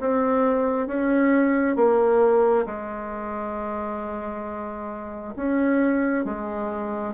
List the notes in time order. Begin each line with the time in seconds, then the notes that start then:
0.00 C4
0.87 C#4
1.76 A#3
2.66 G#3
5.36 C#4
6.25 G#3